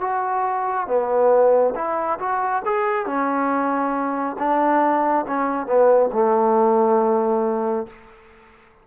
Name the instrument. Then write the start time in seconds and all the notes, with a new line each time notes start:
trombone
0.00 F#4
0.87 B3
1.75 E4
2.19 F#4
2.65 G#4
3.06 C#4
4.38 D4
5.26 C#4
5.66 B3
6.13 A3